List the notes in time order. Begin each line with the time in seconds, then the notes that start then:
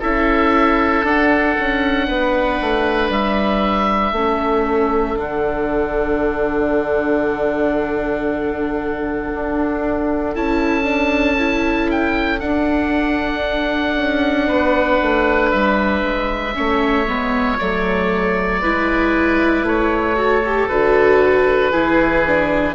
0.00 C#4 E4 A4 E5
1.04 D4 F#5
1.60 C#4
2.08 B3 B4
2.61 A3
3.10 G3 E5
4.12 A3 C#4 A4
5.16 D3 D4 F#5
9.34 D4
10.36 C#4 E4 A5
10.84 D4
11.39 E4
11.91 G5
12.40 D4 F#5
13.97 C#4
14.48 B3 B4
15.02 A3
15.51 G3 E5
16.03 G#3
16.55 A3 C#4 C#5
17.08 G#3 B3
17.59 F#3 A3 D5
18.62 G#3 E4 B4
19.63 A3 C#5
20.16 F#4 A4
20.45 G4
20.69 D3 F#4 B4
21.72 E3 E4 G#4
22.27 D4